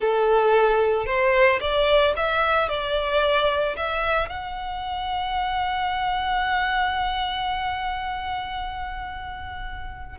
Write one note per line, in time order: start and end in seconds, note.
0.00 1.06 A4
1.06 1.59 C5
1.60 2.14 D5
2.16 2.68 E5
2.68 3.75 D5
3.76 4.29 E5
4.29 10.18 F#5